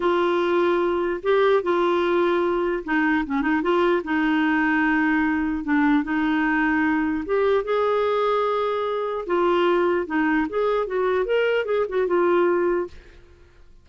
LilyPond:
\new Staff \with { instrumentName = "clarinet" } { \time 4/4 \tempo 4 = 149 f'2. g'4 | f'2. dis'4 | cis'8 dis'8 f'4 dis'2~ | dis'2 d'4 dis'4~ |
dis'2 g'4 gis'4~ | gis'2. f'4~ | f'4 dis'4 gis'4 fis'4 | ais'4 gis'8 fis'8 f'2 | }